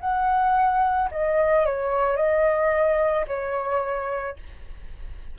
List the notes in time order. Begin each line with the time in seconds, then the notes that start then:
0.00 F#5
1.11 D#5
1.65 C#5
2.16 D#5
3.27 C#5